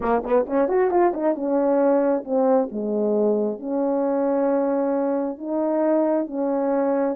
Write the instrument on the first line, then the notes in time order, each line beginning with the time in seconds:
horn
0.01 A#3
0.23 B3
0.46 C#4
0.68 F#4
0.90 F4
1.13 D#4
1.34 C#4
2.24 C4
2.71 G#3
3.59 C#4
5.38 D#4
6.26 C#4